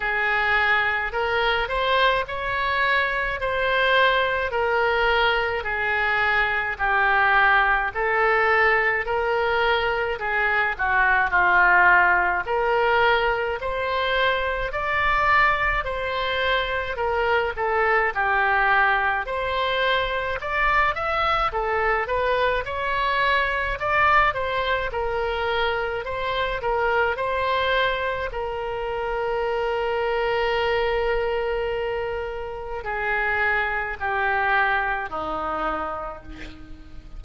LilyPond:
\new Staff \with { instrumentName = "oboe" } { \time 4/4 \tempo 4 = 53 gis'4 ais'8 c''8 cis''4 c''4 | ais'4 gis'4 g'4 a'4 | ais'4 gis'8 fis'8 f'4 ais'4 | c''4 d''4 c''4 ais'8 a'8 |
g'4 c''4 d''8 e''8 a'8 b'8 | cis''4 d''8 c''8 ais'4 c''8 ais'8 | c''4 ais'2.~ | ais'4 gis'4 g'4 dis'4 | }